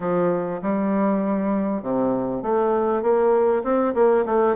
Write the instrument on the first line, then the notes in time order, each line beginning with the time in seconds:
bassoon
0.00 F3
0.62 G3
1.82 C3
2.42 A3
3.02 A#3
3.63 C4
3.94 A#3
4.25 A3